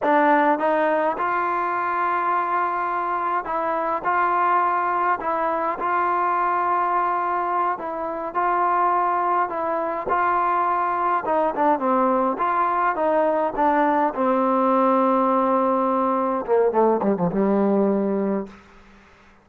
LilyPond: \new Staff \with { instrumentName = "trombone" } { \time 4/4 \tempo 4 = 104 d'4 dis'4 f'2~ | f'2 e'4 f'4~ | f'4 e'4 f'2~ | f'4. e'4 f'4.~ |
f'8 e'4 f'2 dis'8 | d'8 c'4 f'4 dis'4 d'8~ | d'8 c'2.~ c'8~ | c'8 ais8 a8 g16 f16 g2 | }